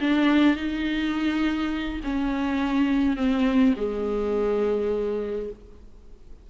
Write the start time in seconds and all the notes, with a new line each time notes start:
0.00 D4
0.56 D#4
2.03 C#4
3.16 C4
3.77 G#3